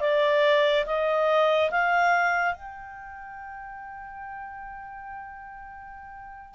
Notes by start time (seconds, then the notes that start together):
0.00 D5
0.86 D#5
1.71 F5
2.54 G5